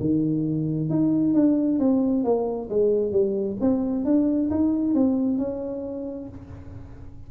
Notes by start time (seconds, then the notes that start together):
0.00 D#3
0.90 D#4
1.34 D4
1.79 C4
2.24 A#3
2.70 G#3
3.12 G3
3.61 C4
4.05 D4
4.51 D#4
4.95 C4
5.38 C#4